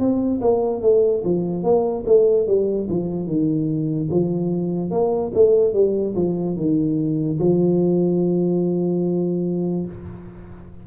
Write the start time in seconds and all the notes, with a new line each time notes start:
0.00 C4
0.41 A#3
0.82 A3
1.24 F3
1.64 A#3
2.07 A3
2.47 G3
2.90 F3
3.27 D#3
4.11 F3
4.91 A#3
5.35 A3
5.74 G3
6.16 F3
6.57 D#3
7.39 F3